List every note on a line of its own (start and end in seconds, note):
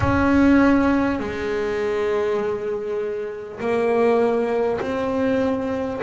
0.00 1.19 C#4
1.19 3.59 G#3
3.59 4.79 A#3
4.80 6.00 C4